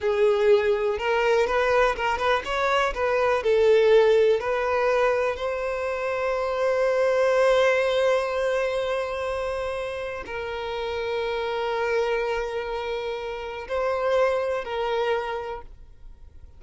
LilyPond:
\new Staff \with { instrumentName = "violin" } { \time 4/4 \tempo 4 = 123 gis'2 ais'4 b'4 | ais'8 b'8 cis''4 b'4 a'4~ | a'4 b'2 c''4~ | c''1~ |
c''1~ | c''4 ais'2.~ | ais'1 | c''2 ais'2 | }